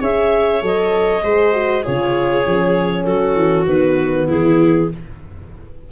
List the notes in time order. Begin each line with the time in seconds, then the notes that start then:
0.00 C#4 G#4 C#5 E5
0.61 F#3 A4 D#5
1.23 G#3 G#4 C5
1.53 F#4
1.82 C#3 F4 G#4 C#5
2.45 F3 C#4
3.04 F#3 F#4 A4
3.35 E3
3.66 D#3 B3 B4
4.27 E3 E4 G#4